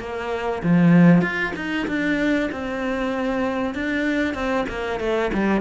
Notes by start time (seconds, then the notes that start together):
0.00 A#3
0.63 F3
1.22 F4
1.56 D#4
1.88 D4
2.52 C4
3.75 D4
4.34 C4
4.69 A#3
5.00 A3
5.34 G3